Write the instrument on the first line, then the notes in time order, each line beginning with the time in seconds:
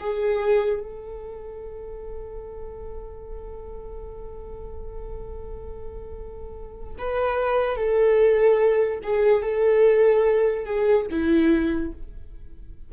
viola
0.00 G#4
0.81 A4
6.99 B4
7.76 A4
9.03 G#4
9.43 A4
10.66 G#4
11.11 E4